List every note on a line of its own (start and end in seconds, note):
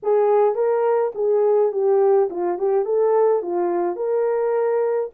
0.02 0.54 G#4
0.54 1.11 A#4
1.15 1.72 G#4
1.72 2.29 G4
2.30 2.58 F4
2.58 2.85 G4
2.85 3.42 A4
3.42 3.96 F4
3.96 5.10 A#4